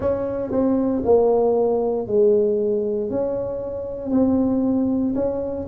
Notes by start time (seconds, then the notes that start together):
0.00 C#4
0.51 C4
1.04 A#3
2.07 G#3
3.09 C#4
4.11 C4
5.14 C#4